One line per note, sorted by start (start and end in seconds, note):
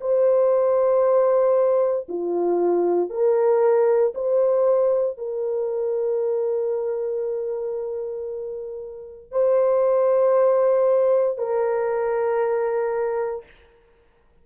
0.00 2.07 C5
2.08 3.09 F4
3.09 4.13 A#4
4.14 5.18 C5
5.18 9.31 A#4
9.31 11.37 C5
11.37 13.44 A#4